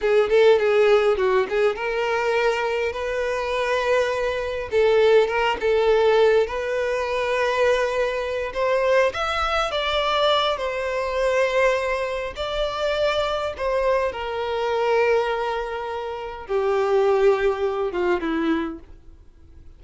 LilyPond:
\new Staff \with { instrumentName = "violin" } { \time 4/4 \tempo 4 = 102 gis'8 a'8 gis'4 fis'8 gis'8 ais'4~ | ais'4 b'2. | a'4 ais'8 a'4. b'4~ | b'2~ b'8 c''4 e''8~ |
e''8 d''4. c''2~ | c''4 d''2 c''4 | ais'1 | g'2~ g'8 f'8 e'4 | }